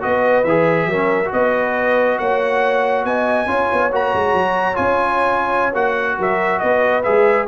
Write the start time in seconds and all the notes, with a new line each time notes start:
0.00 B3 F#4 B4 D#5
0.44 E3 G#4 E5
0.86 F#3 C#4 A#4
1.24 F#4
1.32 B3 B4 D#5
2.18 A#3 C#5 F#5
3.04 B3 D#5 G#5
3.46 C#4 F4 C#5
3.72 B3
3.92 A#3 F#4 A#5
4.14 G#3
4.33 F#3
4.74 C#4 F4 G#5
5.73 A#3 F#4 F#5
6.18 F#3 A#4 E5
6.59 B3 B4 D#5
7.03 G#3 G#4 E5